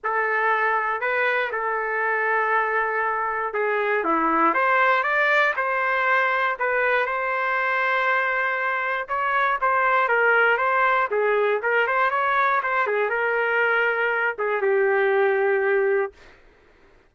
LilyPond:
\new Staff \with { instrumentName = "trumpet" } { \time 4/4 \tempo 4 = 119 a'2 b'4 a'4~ | a'2. gis'4 | e'4 c''4 d''4 c''4~ | c''4 b'4 c''2~ |
c''2 cis''4 c''4 | ais'4 c''4 gis'4 ais'8 c''8 | cis''4 c''8 gis'8 ais'2~ | ais'8 gis'8 g'2. | }